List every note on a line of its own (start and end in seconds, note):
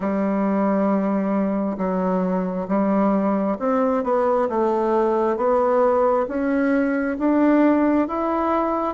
0.00 1.77 G3
1.77 2.67 F#3
2.68 3.57 G3
3.59 4.03 C4
4.03 4.48 B3
4.49 5.36 A3
5.36 6.26 B3
6.27 7.17 C#4
7.18 8.08 D4
8.08 8.94 E4